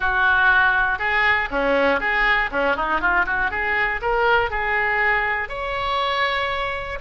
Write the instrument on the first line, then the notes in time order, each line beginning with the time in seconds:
oboe
0.00 F#4
0.98 G#4
1.50 C#4
2.00 G#4
2.51 C#4
2.75 D#4
3.00 F4
3.26 F#4
3.50 G#4
4.01 A#4
4.50 G#4
5.48 C#5